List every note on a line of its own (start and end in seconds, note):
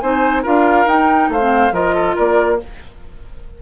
0.00 0.45 C4
0.00 0.44 D#4
0.00 0.43 C5
0.00 0.43 G#5
0.43 0.86 D4
0.43 0.87 F4
0.43 1.29 A#4
0.43 0.88 F5
0.86 1.29 D#4
0.86 1.39 D#4
0.86 1.31 G5
1.29 1.72 A3
1.29 1.74 C5
1.29 1.74 F5
1.39 1.72 C4
1.72 2.15 F3
1.72 2.59 F4
1.72 1.95 A#4
1.72 2.17 D#5
1.95 2.16 A4
2.16 2.62 A#3
2.16 2.59 A#4
2.16 2.61 D5